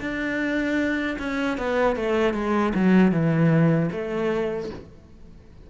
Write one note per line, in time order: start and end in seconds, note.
0.00 1.17 D4
1.19 1.57 C#4
1.57 1.96 B3
1.96 2.33 A3
2.33 2.72 G#3
2.74 3.11 F#3
3.11 3.89 E3
3.92 4.70 A3